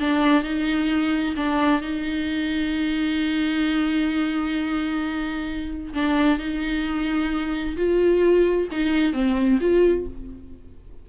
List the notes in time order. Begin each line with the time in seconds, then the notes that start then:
0.00 D4
0.44 D#4
1.36 D4
1.82 D#4
5.94 D4
6.39 D#4
7.77 F4
8.71 D#4
9.13 C4
9.61 F4